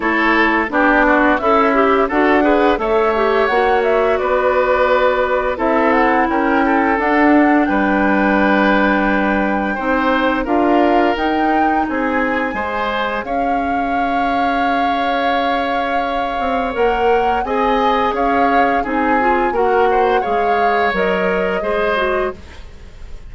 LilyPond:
<<
  \new Staff \with { instrumentName = "flute" } { \time 4/4 \tempo 4 = 86 cis''4 d''4 e''4 fis''4 | e''4 fis''8 e''8 d''2 | e''8 fis''8 g''4 fis''4 g''4~ | g''2. f''4 |
g''4 gis''2 f''4~ | f''1 | fis''4 gis''4 f''4 gis''4 | fis''4 f''4 dis''2 | }
  \new Staff \with { instrumentName = "oboe" } { \time 4/4 a'4 g'8 fis'8 e'4 a'8 b'8 | cis''2 b'2 | a'4 ais'8 a'4. b'4~ | b'2 c''4 ais'4~ |
ais'4 gis'4 c''4 cis''4~ | cis''1~ | cis''4 dis''4 cis''4 gis'4 | ais'8 c''8 cis''2 c''4 | }
  \new Staff \with { instrumentName = "clarinet" } { \time 4/4 e'4 d'4 a'8 g'8 fis'8 gis'8 | a'8 g'8 fis'2. | e'2 d'2~ | d'2 dis'4 f'4 |
dis'2 gis'2~ | gis'1 | ais'4 gis'2 dis'8 f'8 | fis'4 gis'4 ais'4 gis'8 fis'8 | }
  \new Staff \with { instrumentName = "bassoon" } { \time 4/4 a4 b4 cis'4 d'4 | a4 ais4 b2 | c'4 cis'4 d'4 g4~ | g2 c'4 d'4 |
dis'4 c'4 gis4 cis'4~ | cis'2.~ cis'8 c'8 | ais4 c'4 cis'4 c'4 | ais4 gis4 fis4 gis4 | }
>>